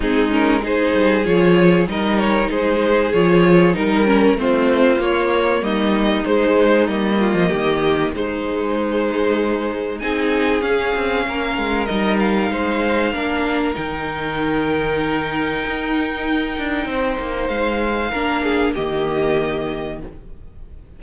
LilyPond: <<
  \new Staff \with { instrumentName = "violin" } { \time 4/4 \tempo 4 = 96 gis'8 ais'8 c''4 cis''4 dis''8 cis''8 | c''4 cis''4 ais'4 c''4 | cis''4 dis''4 c''4 dis''4~ | dis''4 c''2. |
gis''4 f''2 dis''8 f''8~ | f''2 g''2~ | g''1 | f''2 dis''2 | }
  \new Staff \with { instrumentName = "violin" } { \time 4/4 dis'4 gis'2 ais'4 | gis'2 ais'4 f'4~ | f'4 dis'2~ dis'8 f'8 | g'4 dis'2. |
gis'2 ais'2 | c''4 ais'2.~ | ais'2. c''4~ | c''4 ais'8 gis'8 g'2 | }
  \new Staff \with { instrumentName = "viola" } { \time 4/4 c'8 cis'8 dis'4 f'4 dis'4~ | dis'4 f'4 dis'8 cis'8 c'4 | ais2 gis4 ais4~ | ais4 gis2. |
dis'4 cis'2 dis'4~ | dis'4 d'4 dis'2~ | dis'1~ | dis'4 d'4 ais2 | }
  \new Staff \with { instrumentName = "cello" } { \time 4/4 gis4. g8 f4 g4 | gis4 f4 g4 a4 | ais4 g4 gis4 g8. f16 | dis4 gis2. |
c'4 cis'8 c'8 ais8 gis8 g4 | gis4 ais4 dis2~ | dis4 dis'4. d'8 c'8 ais8 | gis4 ais4 dis2 | }
>>